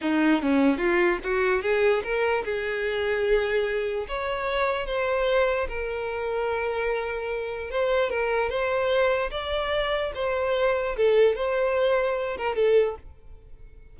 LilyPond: \new Staff \with { instrumentName = "violin" } { \time 4/4 \tempo 4 = 148 dis'4 cis'4 f'4 fis'4 | gis'4 ais'4 gis'2~ | gis'2 cis''2 | c''2 ais'2~ |
ais'2. c''4 | ais'4 c''2 d''4~ | d''4 c''2 a'4 | c''2~ c''8 ais'8 a'4 | }